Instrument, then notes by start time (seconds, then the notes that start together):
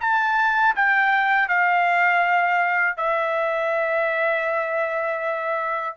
trumpet
0.00 A5
0.75 G5
1.48 F5
2.96 E5